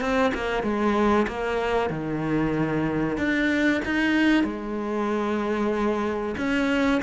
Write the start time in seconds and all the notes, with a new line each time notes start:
0.00 C4
0.34 A#3
0.62 G#3
1.27 A#3
1.89 D#3
3.17 D4
3.84 D#4
4.43 G#3
6.37 C#4